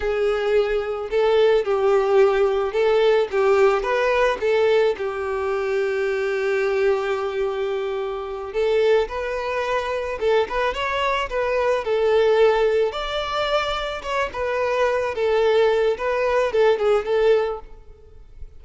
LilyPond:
\new Staff \with { instrumentName = "violin" } { \time 4/4 \tempo 4 = 109 gis'2 a'4 g'4~ | g'4 a'4 g'4 b'4 | a'4 g'2.~ | g'2.~ g'8 a'8~ |
a'8 b'2 a'8 b'8 cis''8~ | cis''8 b'4 a'2 d''8~ | d''4. cis''8 b'4. a'8~ | a'4 b'4 a'8 gis'8 a'4 | }